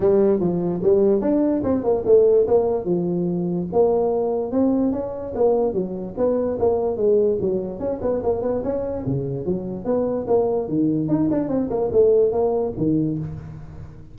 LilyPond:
\new Staff \with { instrumentName = "tuba" } { \time 4/4 \tempo 4 = 146 g4 f4 g4 d'4 | c'8 ais8 a4 ais4 f4~ | f4 ais2 c'4 | cis'4 ais4 fis4 b4 |
ais4 gis4 fis4 cis'8 b8 | ais8 b8 cis'4 cis4 fis4 | b4 ais4 dis4 dis'8 d'8 | c'8 ais8 a4 ais4 dis4 | }